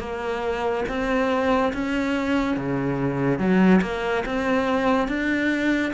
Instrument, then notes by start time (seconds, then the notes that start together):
cello
0.00 A#3
0.89 C4
1.74 C#4
2.57 C#3
3.39 F#3
3.82 A#3
4.26 C4
5.08 D4